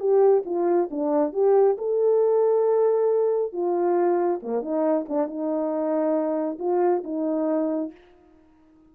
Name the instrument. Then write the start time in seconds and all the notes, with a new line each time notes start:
horn
0.00 G4
0.46 F4
0.91 D4
1.33 G4
1.78 A4
3.53 F4
4.43 A#3
4.62 D#4
5.09 D4
5.28 D#4
6.60 F4
7.04 D#4